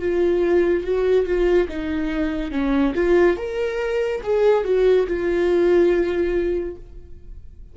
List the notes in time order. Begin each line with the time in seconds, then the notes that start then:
0.00 F4
0.85 F#4
1.26 F4
1.69 D#4
2.52 C#4
2.96 F4
3.38 A#4
4.24 G#4
4.65 F#4
5.07 F4